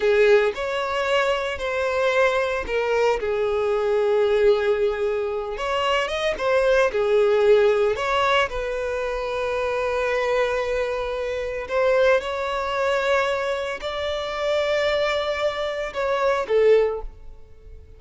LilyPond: \new Staff \with { instrumentName = "violin" } { \time 4/4 \tempo 4 = 113 gis'4 cis''2 c''4~ | c''4 ais'4 gis'2~ | gis'2~ gis'8 cis''4 dis''8 | c''4 gis'2 cis''4 |
b'1~ | b'2 c''4 cis''4~ | cis''2 d''2~ | d''2 cis''4 a'4 | }